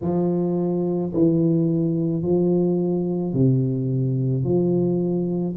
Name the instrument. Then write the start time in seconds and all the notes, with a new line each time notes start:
tuba
0.01 F3
1.13 E3
2.22 F3
3.33 C3
4.43 F3